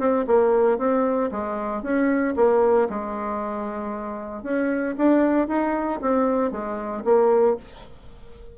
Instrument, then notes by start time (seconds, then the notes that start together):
bassoon
0.00 C4
0.28 A#3
0.79 C4
1.32 G#3
1.83 C#4
2.37 A#3
2.90 G#3
4.43 C#4
4.98 D4
5.49 D#4
6.02 C4
6.52 G#3
7.05 A#3